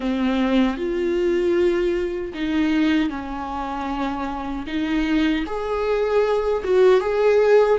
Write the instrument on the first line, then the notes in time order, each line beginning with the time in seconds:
viola
0.00 C4
0.77 F4
2.34 D#4
3.09 C#4
4.66 D#4
5.46 G#4
6.64 F#4
7.00 G#4